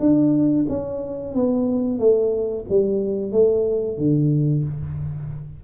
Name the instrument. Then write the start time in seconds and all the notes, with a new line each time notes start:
tuba
0.00 D4
0.69 C#4
1.34 B3
1.99 A3
2.69 G3
3.32 A3
3.98 D3